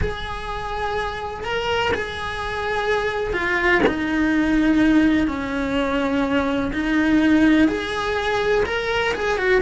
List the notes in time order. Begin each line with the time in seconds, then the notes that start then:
0.01 G#4
1.44 A#4
1.93 G#4
3.33 F4
3.86 D#4
5.27 C#4
6.72 D#4
7.68 G#4
8.65 A#4
9.14 G#4
9.38 F#4